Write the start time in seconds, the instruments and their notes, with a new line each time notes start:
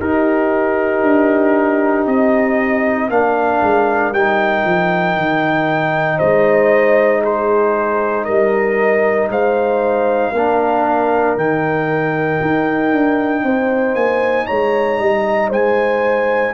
0.00 tuba D#4, trombone D#4, horn G4, trumpet A#4
1.03 tuba D4
2.06 tuba C4, trumpet D#5
3.10 tuba A#3, trombone D4, horn A#4, trumpet F5
3.62 tuba G#3
4.12 tuba G3, trombone D#4, trumpet G5
4.66 tuba F3
5.16 tuba D#3
6.17 tuba G#3, horn C5, trumpet D#5
7.23 horn G#4, trumpet C5
8.25 tuba G3, horn A#4, trumpet D#5
9.30 tuba G#3, horn C5, trumpet F5
10.32 tuba A#3, trombone D4, horn A#4
11.37 tuba D#3, trombone D#4, trumpet G5
12.41 tuba D#4
12.92 tuba D4
13.44 tuba C4, horn C5
13.95 tuba A#3, trumpet G#5
14.47 tuba G#3, horn C#5, trumpet A#5
14.99 tuba G3, horn D#5
15.50 tuba G#3, horn C5, trumpet G#5